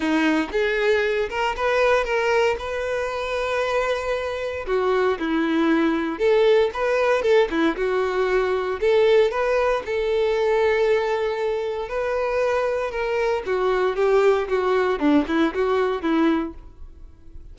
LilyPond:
\new Staff \with { instrumentName = "violin" } { \time 4/4 \tempo 4 = 116 dis'4 gis'4. ais'8 b'4 | ais'4 b'2.~ | b'4 fis'4 e'2 | a'4 b'4 a'8 e'8 fis'4~ |
fis'4 a'4 b'4 a'4~ | a'2. b'4~ | b'4 ais'4 fis'4 g'4 | fis'4 d'8 e'8 fis'4 e'4 | }